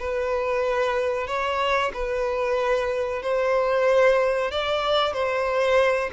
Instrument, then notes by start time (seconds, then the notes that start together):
violin
0.00 B4
1.28 C#5
1.94 B4
3.23 C5
4.52 D5
5.13 C5